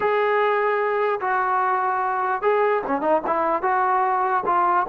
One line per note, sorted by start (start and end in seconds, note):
0.00 1.20 G#4
1.20 2.41 F#4
2.41 2.82 G#4
2.86 3.01 C#4
3.01 3.21 D#4
3.26 3.62 E4
3.62 4.43 F#4
4.46 4.86 F4